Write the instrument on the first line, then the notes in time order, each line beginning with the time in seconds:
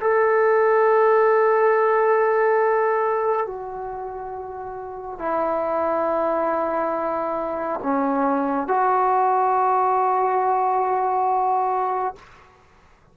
trombone
0.00 A4
3.46 F#4
5.19 E4
7.83 C#4
8.67 F#4